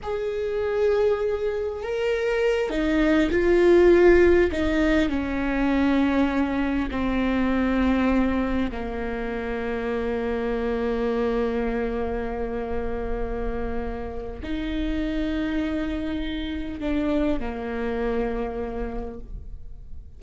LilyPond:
\new Staff \with { instrumentName = "viola" } { \time 4/4 \tempo 4 = 100 gis'2. ais'4~ | ais'8 dis'4 f'2 dis'8~ | dis'8 cis'2. c'8~ | c'2~ c'8 ais4.~ |
ais1~ | ais1 | dis'1 | d'4 ais2. | }